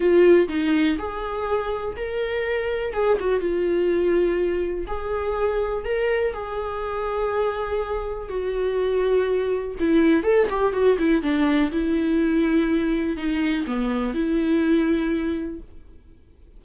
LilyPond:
\new Staff \with { instrumentName = "viola" } { \time 4/4 \tempo 4 = 123 f'4 dis'4 gis'2 | ais'2 gis'8 fis'8 f'4~ | f'2 gis'2 | ais'4 gis'2.~ |
gis'4 fis'2. | e'4 a'8 g'8 fis'8 e'8 d'4 | e'2. dis'4 | b4 e'2. | }